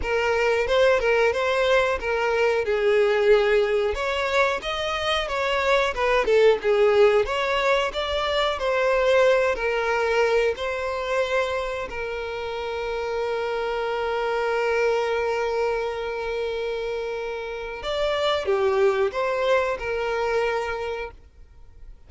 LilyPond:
\new Staff \with { instrumentName = "violin" } { \time 4/4 \tempo 4 = 91 ais'4 c''8 ais'8 c''4 ais'4 | gis'2 cis''4 dis''4 | cis''4 b'8 a'8 gis'4 cis''4 | d''4 c''4. ais'4. |
c''2 ais'2~ | ais'1~ | ais'2. d''4 | g'4 c''4 ais'2 | }